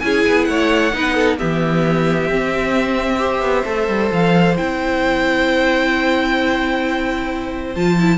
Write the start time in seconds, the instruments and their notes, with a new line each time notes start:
0.00 cello C#4, viola E4, violin G#4 G#5
0.27 cello B3
0.45 cello A3, violin C#5 F#5
0.93 cello B3, viola D#4, violin B4
1.15 violin A4
1.38 cello E3, viola B3, violin G4 E5
2.30 viola C4, cello C4
3.19 viola G4, violin C5
3.41 cello B3
3.65 cello A3, viola A4
3.88 cello G3
4.12 cello F3, violin F5
4.57 cello C4, viola E4, violin G5
7.75 cello F3, viola F4, violin A5
7.99 viola E4